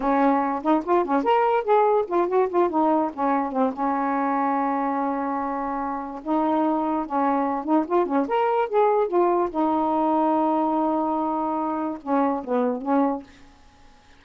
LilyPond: \new Staff \with { instrumentName = "saxophone" } { \time 4/4 \tempo 4 = 145 cis'4. dis'8 f'8 cis'8 ais'4 | gis'4 f'8 fis'8 f'8 dis'4 cis'8~ | cis'8 c'8 cis'2.~ | cis'2. dis'4~ |
dis'4 cis'4. dis'8 f'8 cis'8 | ais'4 gis'4 f'4 dis'4~ | dis'1~ | dis'4 cis'4 b4 cis'4 | }